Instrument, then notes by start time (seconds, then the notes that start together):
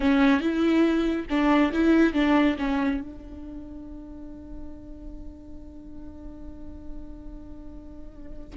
viola
0.00 C#4
0.40 E4
1.29 D4
1.73 E4
2.13 D4
2.58 C#4
3.01 D4